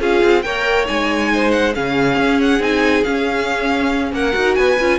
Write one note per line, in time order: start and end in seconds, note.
0.00 0.22 C#4
0.00 0.43 F4
0.00 0.44 G#4
0.00 0.42 F5
0.23 0.45 C4
0.42 0.88 A#3
0.42 0.86 A#4
0.42 1.32 C#5
0.42 0.85 G5
0.86 1.76 G#3
0.86 1.72 D#4
0.86 1.51 G#5
1.33 1.75 C5
1.51 1.73 F#5
1.73 2.17 C#3
1.73 2.60 C#4
1.73 4.14 G#4
1.73 2.40 F5
2.17 2.59 C#4
2.41 2.62 F#5
2.59 3.03 C4
2.59 3.03 D#4
2.59 3.03 G#5
3.03 4.33 C#4
3.03 4.12 C#4
3.03 4.12 F5
4.12 4.34 A#3
4.12 4.58 A#4
4.12 4.55 F#5
4.33 4.57 D#4
4.33 4.76 F#4
4.55 4.78 B3
4.55 4.99 B4
4.55 4.98 G#5
4.79 4.99 C#4
4.79 4.99 F4